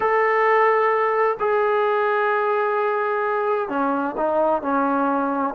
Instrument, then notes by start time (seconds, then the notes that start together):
trombone
0.00 A4
1.39 G#4
3.69 C#4
4.17 D#4
4.62 C#4